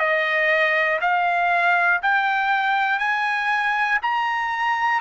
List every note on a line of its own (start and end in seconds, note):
0.00 1.00 D#5
1.02 2.02 F5
2.03 3.00 G5
3.00 4.00 G#5
4.02 5.01 A#5